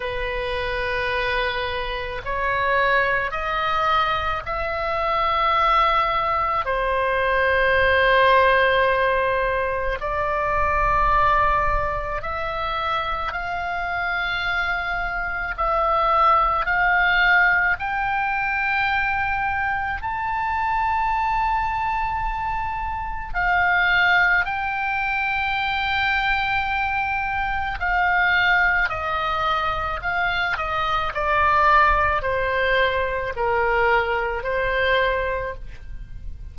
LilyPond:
\new Staff \with { instrumentName = "oboe" } { \time 4/4 \tempo 4 = 54 b'2 cis''4 dis''4 | e''2 c''2~ | c''4 d''2 e''4 | f''2 e''4 f''4 |
g''2 a''2~ | a''4 f''4 g''2~ | g''4 f''4 dis''4 f''8 dis''8 | d''4 c''4 ais'4 c''4 | }